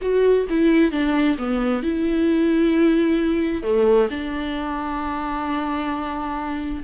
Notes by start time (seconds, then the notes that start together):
0.01 F#4
0.49 E4
0.91 D4
1.37 B3
1.82 E4
3.63 A3
4.10 D4